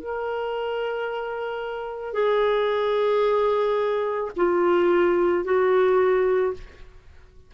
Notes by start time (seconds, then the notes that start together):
0.00 A#4
2.13 G#4
4.36 F4
5.44 F#4